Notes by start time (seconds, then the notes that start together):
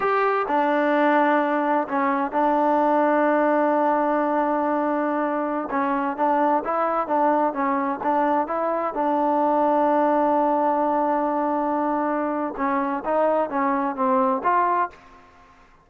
0.00 G4
0.48 D4
1.88 C#4
2.31 D4
5.70 C#4
6.16 D4
6.64 E4
7.07 D4
7.53 C#4
8.03 D4
8.47 E4
8.93 D4
12.57 C#4
13.04 D#4
13.49 C#4
13.95 C4
14.43 F4